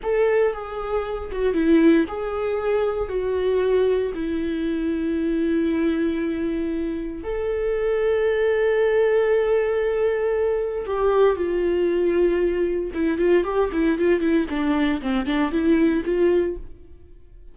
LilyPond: \new Staff \with { instrumentName = "viola" } { \time 4/4 \tempo 4 = 116 a'4 gis'4. fis'8 e'4 | gis'2 fis'2 | e'1~ | e'2 a'2~ |
a'1~ | a'4 g'4 f'2~ | f'4 e'8 f'8 g'8 e'8 f'8 e'8 | d'4 c'8 d'8 e'4 f'4 | }